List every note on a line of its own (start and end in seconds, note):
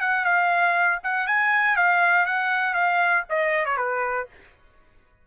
0.00 0.24 F#5
0.24 0.99 F5
1.03 1.27 F#5
1.27 1.76 G#5
1.76 2.25 F5
2.25 2.74 F#5
2.74 3.24 F5
3.29 3.65 D#5
3.65 3.77 C#5
3.77 4.27 B4